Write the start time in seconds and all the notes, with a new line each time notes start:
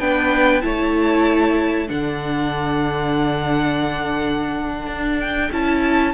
0.00 B3 D4 B4 G5
0.62 A3 E4 C#5 A5
1.88 D3 D4 A4 F#5
4.87 D4
5.20 G5
5.52 C#4 E4 A5